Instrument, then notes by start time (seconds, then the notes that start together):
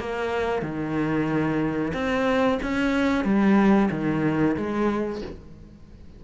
cello
0.00 A#3
0.62 D#3
1.94 C4
2.63 C#4
3.25 G3
3.91 D#3
4.57 G#3